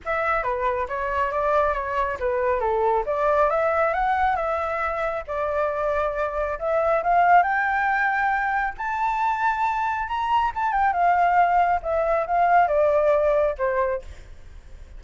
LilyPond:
\new Staff \with { instrumentName = "flute" } { \time 4/4 \tempo 4 = 137 e''4 b'4 cis''4 d''4 | cis''4 b'4 a'4 d''4 | e''4 fis''4 e''2 | d''2. e''4 |
f''4 g''2. | a''2. ais''4 | a''8 g''8 f''2 e''4 | f''4 d''2 c''4 | }